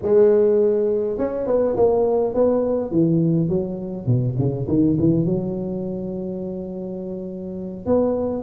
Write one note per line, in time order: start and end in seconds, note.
0.02 1.18 G#3
1.18 1.46 C#4
1.46 1.76 B3
1.76 2.34 A#3
2.34 2.91 B3
2.91 3.48 E3
3.48 4.06 F#3
4.06 4.35 B2
4.38 4.67 C#3
4.68 4.97 D#3
4.99 5.25 E3
5.25 7.86 F#3
7.86 8.43 B3